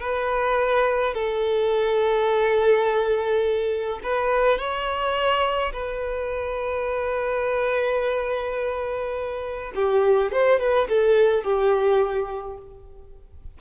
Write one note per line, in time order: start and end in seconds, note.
0.00 1.14 B4
1.14 3.99 A4
4.03 4.58 B4
4.58 5.72 C#5
5.73 9.73 B4
9.75 10.32 G4
10.32 10.59 C5
10.59 10.88 B4
10.89 11.43 A4
11.43 12.58 G4